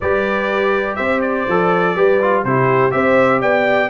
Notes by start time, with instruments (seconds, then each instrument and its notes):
0.00 tuba G3, trombone G4, horn B4, trumpet D5
0.95 tuba C4, horn C5, trumpet E5
1.21 trumpet D5
1.47 tuba F3, trombone A4
1.95 tuba G3, trombone G4, horn B4
2.21 trombone F4
2.44 tuba C3, trombone E4, horn G4, trumpet C5
2.90 tuba C4, trombone G4, horn C5, trumpet E5
3.40 tuba B3, horn D5, trumpet G5